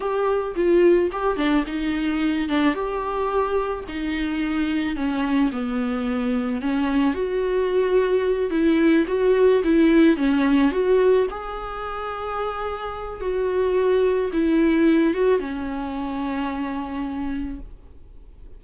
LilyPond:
\new Staff \with { instrumentName = "viola" } { \time 4/4 \tempo 4 = 109 g'4 f'4 g'8 d'8 dis'4~ | dis'8 d'8 g'2 dis'4~ | dis'4 cis'4 b2 | cis'4 fis'2~ fis'8 e'8~ |
e'8 fis'4 e'4 cis'4 fis'8~ | fis'8 gis'2.~ gis'8 | fis'2 e'4. fis'8 | cis'1 | }